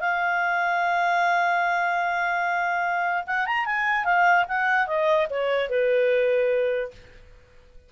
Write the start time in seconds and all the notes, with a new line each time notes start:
0.00 F5
3.27 F#5
3.46 A#5
3.65 G#5
4.04 F5
4.48 F#5
4.87 D#5
5.30 C#5
5.70 B4